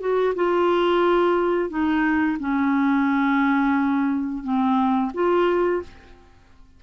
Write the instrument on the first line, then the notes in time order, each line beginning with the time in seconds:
clarinet
0.00 F#4
0.35 F4
1.70 D#4
2.40 C#4
4.43 C4
5.14 F4